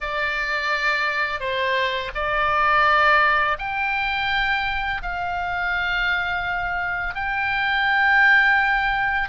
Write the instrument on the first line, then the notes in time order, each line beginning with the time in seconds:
oboe
0.01 D5
1.39 C5
2.14 D5
3.58 G5
5.02 F5
7.15 G5